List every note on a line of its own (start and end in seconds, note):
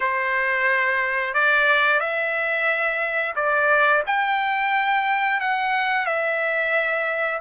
0.00 1.33 C5
1.33 1.99 D5
1.99 3.34 E5
3.35 4.03 D5
4.06 5.40 G5
5.40 6.06 F#5
6.06 7.41 E5